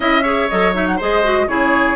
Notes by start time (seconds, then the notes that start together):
0.00 C#4 E4 D#5 E5
0.22 G#4 C#5
0.49 F#3 A4 D#5
0.74 D#4 E5
0.86 F#5
0.96 G#3 G#4 C5 D#5
1.23 F#4
1.47 C#3 E4 G#4 C#5